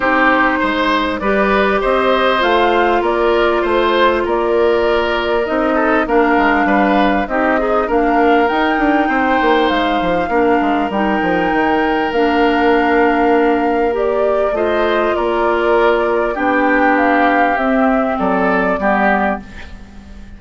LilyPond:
<<
  \new Staff \with { instrumentName = "flute" } { \time 4/4 \tempo 4 = 99 c''2 d''4 dis''4 | f''4 d''4 c''4 d''4~ | d''4 dis''4 f''2 | dis''4 f''4 g''2 |
f''2 g''2 | f''2. d''4 | dis''4 d''2 g''4 | f''4 e''4 d''2 | }
  \new Staff \with { instrumentName = "oboe" } { \time 4/4 g'4 c''4 b'4 c''4~ | c''4 ais'4 c''4 ais'4~ | ais'4. a'8 ais'4 b'4 | g'8 dis'8 ais'2 c''4~ |
c''4 ais'2.~ | ais'1 | c''4 ais'2 g'4~ | g'2 a'4 g'4 | }
  \new Staff \with { instrumentName = "clarinet" } { \time 4/4 dis'2 g'2 | f'1~ | f'4 dis'4 d'2 | dis'8 gis'8 d'4 dis'2~ |
dis'4 d'4 dis'2 | d'2. g'4 | f'2. d'4~ | d'4 c'2 b4 | }
  \new Staff \with { instrumentName = "bassoon" } { \time 4/4 c'4 gis4 g4 c'4 | a4 ais4 a4 ais4~ | ais4 c'4 ais8 gis8 g4 | c'4 ais4 dis'8 d'8 c'8 ais8 |
gis8 f8 ais8 gis8 g8 f8 dis4 | ais1 | a4 ais2 b4~ | b4 c'4 fis4 g4 | }
>>